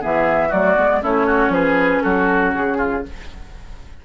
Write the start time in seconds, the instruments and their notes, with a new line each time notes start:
0.00 bassoon E3, clarinet B3, oboe G#4, flute E5
0.48 bassoon F#3, clarinet A3, oboe F#4, flute D5
0.76 bassoon G#3, clarinet B3
1.01 bassoon A3, clarinet C#4, oboe E4, flute C#5
1.26 oboe F#4
1.49 bassoon F3, oboe G#4, flute B4
2.02 bassoon F#3, oboe F#4, flute A4
2.54 bassoon C#3, flute G#4
2.77 oboe F4